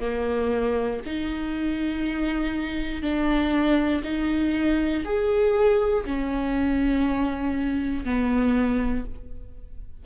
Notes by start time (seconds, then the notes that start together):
0.00 A#3
1.05 D#4
3.02 D4
4.03 D#4
5.04 G#4
6.05 C#4
8.04 B3